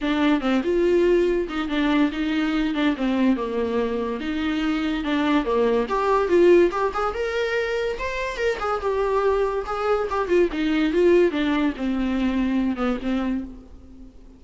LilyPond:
\new Staff \with { instrumentName = "viola" } { \time 4/4 \tempo 4 = 143 d'4 c'8 f'2 dis'8 | d'4 dis'4. d'8 c'4 | ais2 dis'2 | d'4 ais4 g'4 f'4 |
g'8 gis'8 ais'2 c''4 | ais'8 gis'8 g'2 gis'4 | g'8 f'8 dis'4 f'4 d'4 | c'2~ c'8 b8 c'4 | }